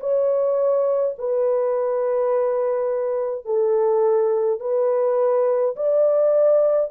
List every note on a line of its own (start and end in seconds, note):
0.00 1.15 C#5
1.18 3.45 B4
3.45 4.60 A4
4.60 5.75 B4
5.76 6.91 D5